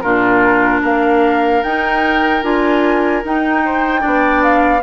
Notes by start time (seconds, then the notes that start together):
0.00 A#2 D4 F4 A#4
0.81 A#3 A#4 F5
1.62 D#4 G5
2.42 D4 F4 G#5
3.23 D#4 G5
3.65 C5
3.99 D4 D5
4.05 B3
4.43 F5